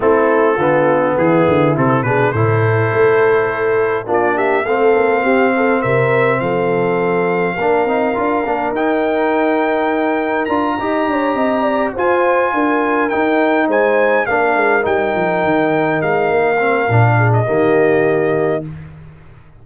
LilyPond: <<
  \new Staff \with { instrumentName = "trumpet" } { \time 4/4 \tempo 4 = 103 a'2 gis'4 a'8 b'8 | c''2. d''8 e''8 | f''2 e''4 f''4~ | f''2. g''4~ |
g''2 ais''2~ | ais''8 gis''2 g''4 gis''8~ | gis''8 f''4 g''2 f''8~ | f''4.~ f''16 dis''2~ dis''16 | }
  \new Staff \with { instrumentName = "horn" } { \time 4/4 e'4 f'4 e'4. gis'8 | a'2. f'8 g'8 | a'4 g'8 a'8 ais'4 a'4~ | a'4 ais'2.~ |
ais'2~ ais'8 dis''8 cis''8 dis''8 | d''8 c''4 ais'2 c''8~ | c''8 ais'2.~ ais'8~ | ais'4. gis'8 g'2 | }
  \new Staff \with { instrumentName = "trombone" } { \time 4/4 c'4 b2 c'8 d'8 | e'2. d'4 | c'1~ | c'4 d'8 dis'8 f'8 d'8 dis'4~ |
dis'2 f'8 g'4.~ | g'8 f'2 dis'4.~ | dis'8 d'4 dis'2~ dis'8~ | dis'8 c'8 d'4 ais2 | }
  \new Staff \with { instrumentName = "tuba" } { \time 4/4 a4 d4 e8 d8 c8 b,8 | a,4 a2 ais4 | a8 ais8 c'4 c4 f4~ | f4 ais8 c'8 d'8 ais8 dis'4~ |
dis'2 d'8 dis'8 d'8 c'8~ | c'8 f'4 d'4 dis'4 gis8~ | gis8 ais8 gis8 g8 f8 dis4 gis8 | ais4 ais,4 dis2 | }
>>